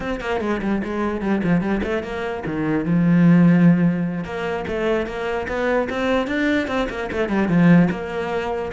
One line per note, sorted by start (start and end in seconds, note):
0.00 0.20 C4
0.20 0.40 A#3
0.41 0.61 G#3
0.62 0.82 G3
0.84 1.21 G#3
1.21 1.41 G3
1.43 1.61 F3
1.61 1.81 G3
1.83 2.03 A3
2.03 2.43 A#3
2.46 2.85 D#3
2.85 4.24 F3
4.24 4.65 A#3
4.67 5.06 A3
5.06 5.47 A#3
5.47 5.88 B3
5.89 6.27 C4
6.27 6.67 D4
6.67 6.88 C4
6.89 7.10 A#3
7.12 7.29 A3
7.29 7.48 G3
7.48 7.89 F3
7.90 8.71 A#3